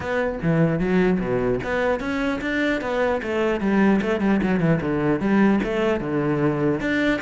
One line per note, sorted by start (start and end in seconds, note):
0.00 0.39 B3
0.42 0.79 E3
0.79 1.19 F#3
1.19 1.59 B2
1.63 1.99 B3
1.99 2.39 C#4
2.41 2.81 D4
2.81 3.21 B3
3.22 3.60 A3
3.60 4.00 G3
4.01 4.20 A3
4.20 4.40 G3
4.42 4.59 F#3
4.59 4.79 E3
4.81 5.20 D3
5.20 5.60 G3
5.63 6.00 A3
6.00 6.80 D3
6.80 7.20 D4